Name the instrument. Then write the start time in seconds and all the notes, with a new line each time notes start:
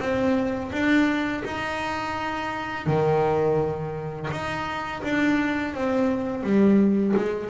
double bass
0.00 C4
0.72 D4
1.45 D#4
2.87 D#3
4.31 D#4
5.04 D4
5.74 C4
6.44 G3
7.17 G#3